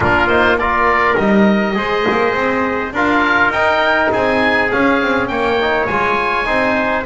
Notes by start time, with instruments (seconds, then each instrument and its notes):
0.00 double bass A#3, trombone D4, trumpet F4, oboe A#4
0.27 trombone D#4, oboe C5
0.58 trombone F4, trumpet A#4, oboe D5
1.16 double bass G3, trombone D#4, oboe D#5
1.74 double bass G#3, trombone G#4, trumpet C5
2.10 double bass A#3
2.34 double bass C4
2.93 double bass D4, trombone F4, trumpet A#4, oboe F5
3.49 double bass D#4, trombone D#4, oboe G5
4.12 double bass C4, trumpet G#4, oboe G#5
4.70 trombone C#4, double bass C#4, oboe F5
5.01 double bass C4
5.27 double bass A#3, trumpet C#5, oboe G5
5.60 trombone D#4
5.86 double bass G#3, trombone F4, oboe G#5
6.45 double bass C4, trombone D#4, trumpet C5